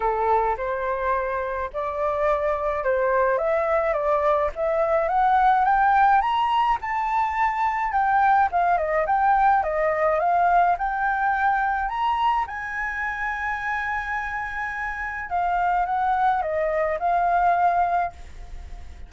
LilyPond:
\new Staff \with { instrumentName = "flute" } { \time 4/4 \tempo 4 = 106 a'4 c''2 d''4~ | d''4 c''4 e''4 d''4 | e''4 fis''4 g''4 ais''4 | a''2 g''4 f''8 dis''8 |
g''4 dis''4 f''4 g''4~ | g''4 ais''4 gis''2~ | gis''2. f''4 | fis''4 dis''4 f''2 | }